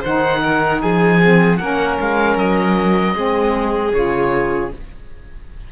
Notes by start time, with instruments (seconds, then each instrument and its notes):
0.00 cello D#3, saxophone D#4, violin C5, oboe F#5
0.42 violin A#4
0.81 cello F3, violin G#4, oboe G#5
1.21 saxophone C4
1.56 cello A#3, saxophone C#4, violin A#4, oboe F#5
2.00 cello G#3, oboe F5
2.36 cello F#3, oboe D#5
3.14 cello G#3, saxophone C4, violin G#4
3.92 cello C#3, saxophone F4, oboe C#5